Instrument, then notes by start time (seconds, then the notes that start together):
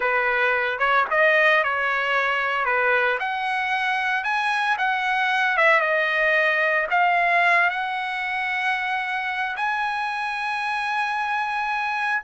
trumpet
0.00 B4
0.78 C#5
1.10 D#5
1.63 C#5
2.65 B4
3.19 F#5
4.23 G#5
4.78 F#5
5.57 E5
5.80 D#5
6.90 F5
7.70 F#5
9.56 G#5